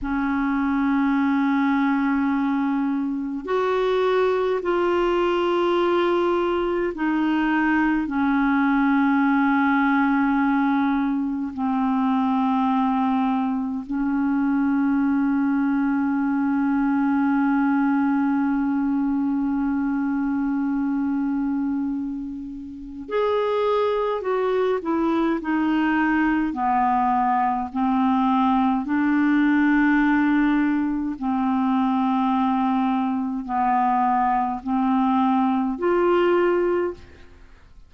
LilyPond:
\new Staff \with { instrumentName = "clarinet" } { \time 4/4 \tempo 4 = 52 cis'2. fis'4 | f'2 dis'4 cis'4~ | cis'2 c'2 | cis'1~ |
cis'1 | gis'4 fis'8 e'8 dis'4 b4 | c'4 d'2 c'4~ | c'4 b4 c'4 f'4 | }